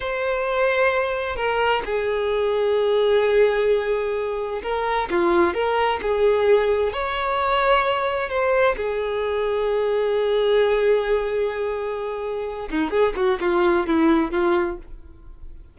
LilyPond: \new Staff \with { instrumentName = "violin" } { \time 4/4 \tempo 4 = 130 c''2. ais'4 | gis'1~ | gis'2 ais'4 f'4 | ais'4 gis'2 cis''4~ |
cis''2 c''4 gis'4~ | gis'1~ | gis'2.~ gis'8 dis'8 | gis'8 fis'8 f'4 e'4 f'4 | }